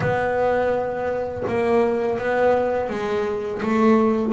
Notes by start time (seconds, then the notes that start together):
0.00 B3
1.47 A#3
2.18 B3
2.89 G#3
3.62 A3